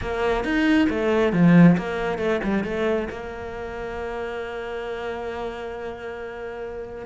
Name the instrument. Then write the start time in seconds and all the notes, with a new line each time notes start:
cello
0.01 A#3
0.44 D#4
0.89 A3
1.32 F3
1.77 A#3
2.18 A3
2.43 G3
2.64 A3
3.10 A#3